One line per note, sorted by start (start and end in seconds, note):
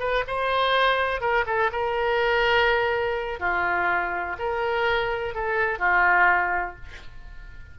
0.00 0.24 B4
0.27 1.21 C5
1.21 1.45 A#4
1.47 1.71 A4
1.72 3.40 A#4
3.40 4.37 F4
4.39 5.34 A#4
5.34 5.79 A4
5.79 6.76 F4